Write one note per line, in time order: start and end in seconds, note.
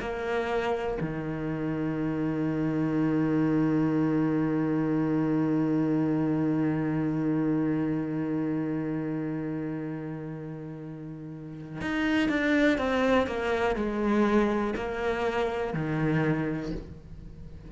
0.00 0.98 A#3
1.01 11.81 D#3
11.81 12.29 D#4
12.29 12.78 D4
12.78 13.27 C4
13.27 13.76 A#3
13.76 14.74 G#3
14.75 15.74 A#3
15.74 16.72 D#3